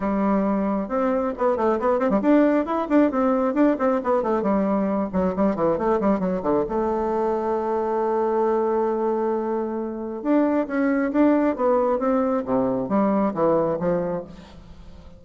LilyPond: \new Staff \with { instrumentName = "bassoon" } { \time 4/4 \tempo 4 = 135 g2 c'4 b8 a8 | b8 c'16 g16 d'4 e'8 d'8 c'4 | d'8 c'8 b8 a8 g4. fis8 | g8 e8 a8 g8 fis8 d8 a4~ |
a1~ | a2. d'4 | cis'4 d'4 b4 c'4 | c4 g4 e4 f4 | }